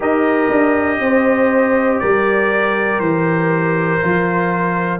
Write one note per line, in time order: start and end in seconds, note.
0.00 0.50 D#4
0.00 4.00 G4
0.00 0.99 A#4
0.00 1.99 D#5
0.50 1.00 D4
1.00 2.00 C4
1.00 2.01 C5
1.99 2.99 G3
1.99 4.99 A#4
1.99 2.99 D5
2.99 3.99 E3
2.99 4.99 C5
4.01 4.99 F3
4.01 4.99 F4